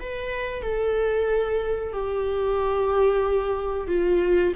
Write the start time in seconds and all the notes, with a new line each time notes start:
0.00 B4
0.62 A4
1.93 G4
3.88 F4